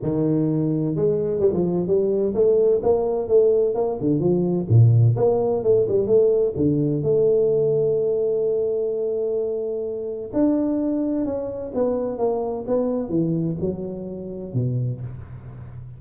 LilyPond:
\new Staff \with { instrumentName = "tuba" } { \time 4/4 \tempo 4 = 128 dis2 gis4 g16 f8. | g4 a4 ais4 a4 | ais8 d8 f4 ais,4 ais4 | a8 g8 a4 d4 a4~ |
a1~ | a2 d'2 | cis'4 b4 ais4 b4 | e4 fis2 b,4 | }